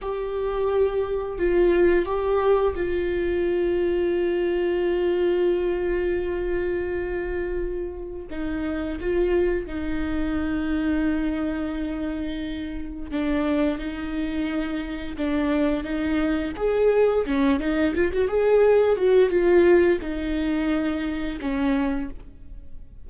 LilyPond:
\new Staff \with { instrumentName = "viola" } { \time 4/4 \tempo 4 = 87 g'2 f'4 g'4 | f'1~ | f'1 | dis'4 f'4 dis'2~ |
dis'2. d'4 | dis'2 d'4 dis'4 | gis'4 cis'8 dis'8 f'16 fis'16 gis'4 fis'8 | f'4 dis'2 cis'4 | }